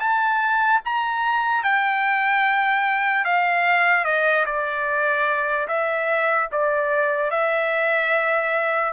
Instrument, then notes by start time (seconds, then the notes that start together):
trumpet
0.00 A5
0.85 A#5
1.64 G5
3.25 F5
4.05 D#5
4.46 D5
5.68 E5
6.52 D5
7.31 E5